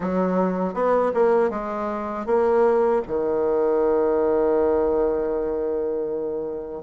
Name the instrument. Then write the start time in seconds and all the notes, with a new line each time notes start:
bassoon
0.00 F#3
0.74 B3
1.14 A#3
1.49 G#3
2.26 A#3
3.07 D#3